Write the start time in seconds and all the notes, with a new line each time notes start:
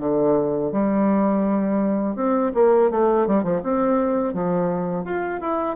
0.00 D3
0.72 G3
2.16 C4
2.55 A#3
2.91 A3
3.27 G3
3.44 F3
3.63 C4
4.34 F3
5.05 F4
5.41 E4